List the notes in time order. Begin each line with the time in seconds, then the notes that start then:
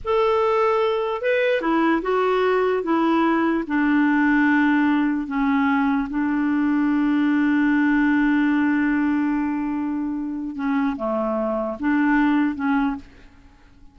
0.04 A4
1.21 B4
1.61 E4
2.02 F#4
2.83 E4
3.67 D4
5.27 C#4
6.09 D4
10.55 C#4
10.96 A3
11.79 D4
12.55 C#4